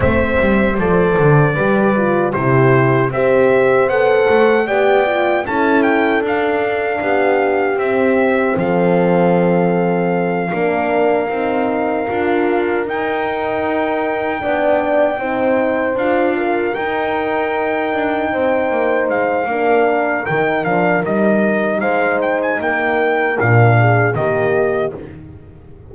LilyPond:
<<
  \new Staff \with { instrumentName = "trumpet" } { \time 4/4 \tempo 4 = 77 e''4 d''2 c''4 | e''4 fis''4 g''4 a''8 g''8 | f''2 e''4 f''4~ | f''1~ |
f''8 g''2.~ g''8~ | g''8 f''4 g''2~ g''8~ | g''8 f''4. g''8 f''8 dis''4 | f''8 g''16 gis''16 g''4 f''4 dis''4 | }
  \new Staff \with { instrumentName = "horn" } { \time 4/4 c''2 b'4 g'4 | c''2 d''4 a'4~ | a'4 g'2 a'4~ | a'4. ais'2~ ais'8~ |
ais'2~ ais'8 d''4 c''8~ | c''4 ais'2~ ais'8 c''8~ | c''4 ais'2. | c''4 ais'4. gis'8 g'4 | }
  \new Staff \with { instrumentName = "horn" } { \time 4/4 c'4 a'4 g'8 f'8 e'4 | g'4 a'4 g'8 f'8 e'4 | d'2 c'2~ | c'4. d'4 dis'4 f'8~ |
f'8 dis'2 d'4 dis'8~ | dis'8 f'4 dis'2~ dis'8~ | dis'4 d'4 dis'8 d'8 dis'4~ | dis'2 d'4 ais4 | }
  \new Staff \with { instrumentName = "double bass" } { \time 4/4 a8 g8 f8 d8 g4 c4 | c'4 b8 a8 b4 cis'4 | d'4 b4 c'4 f4~ | f4. ais4 c'4 d'8~ |
d'8 dis'2 b4 c'8~ | c'8 d'4 dis'4. d'8 c'8 | ais8 gis8 ais4 dis8 f8 g4 | gis4 ais4 ais,4 dis4 | }
>>